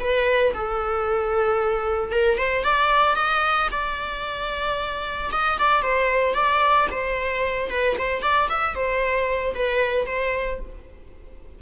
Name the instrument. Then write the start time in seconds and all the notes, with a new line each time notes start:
viola
0.00 B4
0.54 A4
2.11 A#4
2.37 C5
2.64 D5
3.15 D#5
3.71 D5
5.32 D#5
5.59 D5
5.82 C5
6.34 D5
6.91 C5
7.70 B4
7.98 C5
8.22 D5
8.49 E5
8.75 C5
9.55 B4
10.06 C5